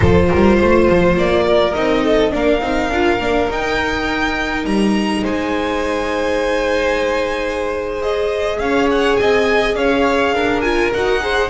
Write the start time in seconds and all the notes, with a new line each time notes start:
0.00 F3 F4 A4 C5
0.28 G3 A#4
0.56 A3 C5
0.89 F3
1.17 A#3 D5
1.46 A#4
1.74 C4 D#4 D#5
2.03 A4
2.30 A#3 D4 A#4 F5
2.60 C4 D#4
2.89 D4 F4
3.18 A#3 D4
3.49 D#4 G5
4.64 G3 A#5
5.22 G#3 C5 G#5
8.01 G#4 D#5
8.59 C#4 C#5 F5
8.91 F#5
9.16 C4 D#5 G#5
9.74 C#4 C#5 F5
10.31 D4 A#4
10.61 F4 G#5
10.93 D#4 F#4 F#5
11.20 G#4 C5